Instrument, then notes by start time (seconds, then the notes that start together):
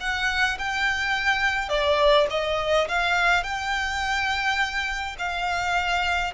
violin
0.00 F#5
0.58 G5
1.69 D5
2.30 D#5
2.88 F5
3.43 G5
5.18 F5